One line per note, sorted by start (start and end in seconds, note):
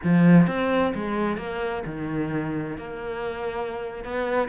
0.03 0.47 F3
0.47 0.93 C4
0.94 1.37 G#3
1.37 1.83 A#3
1.85 2.77 D#3
2.77 4.04 A#3
4.04 4.48 B3